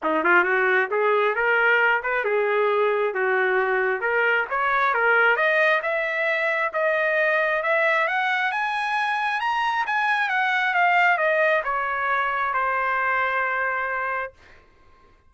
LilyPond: \new Staff \with { instrumentName = "trumpet" } { \time 4/4 \tempo 4 = 134 dis'8 f'8 fis'4 gis'4 ais'4~ | ais'8 b'8 gis'2 fis'4~ | fis'4 ais'4 cis''4 ais'4 | dis''4 e''2 dis''4~ |
dis''4 e''4 fis''4 gis''4~ | gis''4 ais''4 gis''4 fis''4 | f''4 dis''4 cis''2 | c''1 | }